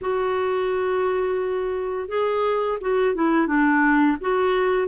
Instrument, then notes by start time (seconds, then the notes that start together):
clarinet
0.01 F#4
2.08 G#4
2.81 F#4
3.14 E4
3.47 D4
4.20 F#4